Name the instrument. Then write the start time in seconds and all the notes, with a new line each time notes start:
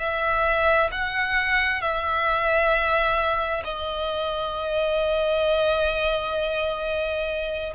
violin
0.00 E5
0.92 F#5
1.82 E5
3.65 D#5